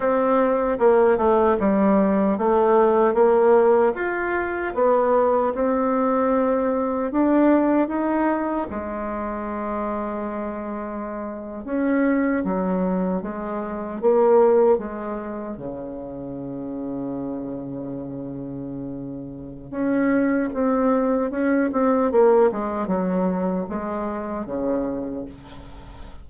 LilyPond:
\new Staff \with { instrumentName = "bassoon" } { \time 4/4 \tempo 4 = 76 c'4 ais8 a8 g4 a4 | ais4 f'4 b4 c'4~ | c'4 d'4 dis'4 gis4~ | gis2~ gis8. cis'4 fis16~ |
fis8. gis4 ais4 gis4 cis16~ | cis1~ | cis4 cis'4 c'4 cis'8 c'8 | ais8 gis8 fis4 gis4 cis4 | }